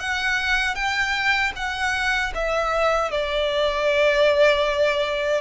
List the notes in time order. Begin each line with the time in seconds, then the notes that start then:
0.00 F#5
0.75 G5
1.56 F#5
2.34 E5
3.11 D5